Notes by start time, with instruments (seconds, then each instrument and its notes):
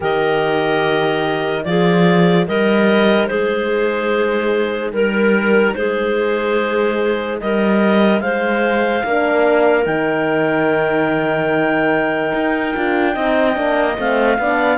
0.00 cello D#3, horn G4, clarinet A#4 D#5
1.64 cello F3, horn F4, clarinet G#4 D5
2.47 cello G3, horn D#4, clarinet A#4 D#5
3.26 cello G#3, clarinet G#4 C5
4.92 cello G3, clarinet A#4
5.74 cello G#3, clarinet G#4 C5
7.40 cello G3, clarinet A#4 D#5
8.20 cello G#3, clarinet C5 F5
9.04 cello A#3, horn D4, clarinet A#4
9.84 cello D#3, horn D#4, clarinet G5
12.34 cello D#4
12.75 cello D4, horn F4
13.13 cello C4, horn D#4, clarinet D#5
13.54 cello A#3, horn D4
13.98 cello A3, horn C4, clarinet F5
14.38 cello B3, horn D4, clarinet D5